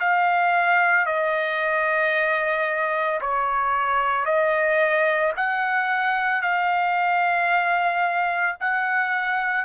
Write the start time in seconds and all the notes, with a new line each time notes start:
0.00 F5
1.06 D#5
3.21 C#5
4.26 D#5
5.37 F#5
6.42 F5
8.61 F#5